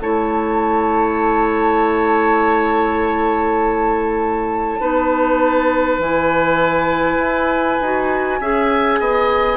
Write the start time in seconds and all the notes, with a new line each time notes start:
0.00 A3 E4 C#5 A5
4.80 B3 D#4 B4
5.99 E3 E4 G#5
7.18 E4
7.81 D#4 F#4
8.41 C#4 G#4 E5
9.00 B3 D#5